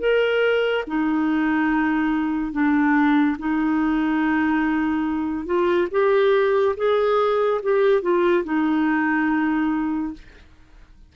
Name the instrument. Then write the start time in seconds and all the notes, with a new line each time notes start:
clarinet
0.00 A#4
0.87 D#4
2.53 D4
3.39 D#4
5.46 F4
5.92 G4
6.77 G#4
7.63 G4
8.02 F4
8.45 D#4